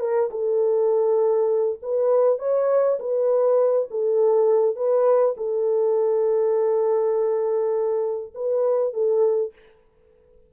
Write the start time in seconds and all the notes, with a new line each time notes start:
0.00 A#4
0.31 A4
1.82 B4
2.39 C#5
2.99 B4
3.90 A4
4.76 B4
5.37 A4
8.35 B4
8.93 A4